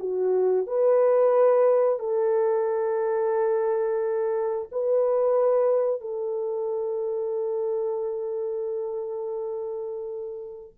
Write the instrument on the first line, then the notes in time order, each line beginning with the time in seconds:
horn
0.00 F#4
0.67 B4
1.99 A4
4.72 B4
6.01 A4